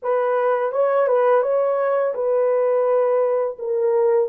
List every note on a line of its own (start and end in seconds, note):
0.02 0.71 B4
0.71 1.07 C#5
1.07 1.42 B4
1.42 2.13 C#5
2.14 3.57 B4
3.58 4.29 A#4